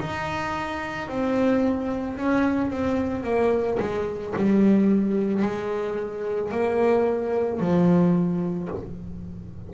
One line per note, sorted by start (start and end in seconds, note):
0.00 1.09 D#4
1.09 2.17 C4
2.17 2.70 C#4
2.70 3.23 C4
3.23 3.78 A#3
3.79 4.34 G#3
4.36 5.42 G3
5.42 6.51 G#3
6.51 7.60 A#3
7.60 8.69 F3